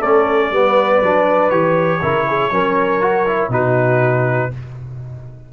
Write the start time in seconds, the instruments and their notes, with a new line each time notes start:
0.00 tuba A3, trombone C#4, horn A4, trumpet D5
0.51 tuba G3, trombone B3, horn B4
1.02 tuba F#3, trombone D4
1.50 tuba E3, trombone G4, trumpet C#5
2.02 tuba C#3, trombone E4, horn A#4
2.27 horn G#4
2.51 tuba F#3, trombone C#4, horn A#4
3.01 trombone F#4
3.27 trombone E4
3.49 tuba B2, trombone D#4, horn F#4, trumpet B4